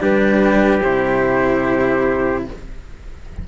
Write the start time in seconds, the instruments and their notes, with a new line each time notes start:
0.00 cello G3 D4, trumpet G4, flute B4
0.82 cello C3 E4, flute C5